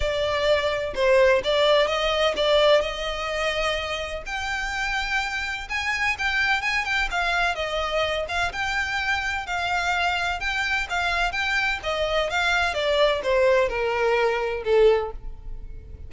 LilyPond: \new Staff \with { instrumentName = "violin" } { \time 4/4 \tempo 4 = 127 d''2 c''4 d''4 | dis''4 d''4 dis''2~ | dis''4 g''2. | gis''4 g''4 gis''8 g''8 f''4 |
dis''4. f''8 g''2 | f''2 g''4 f''4 | g''4 dis''4 f''4 d''4 | c''4 ais'2 a'4 | }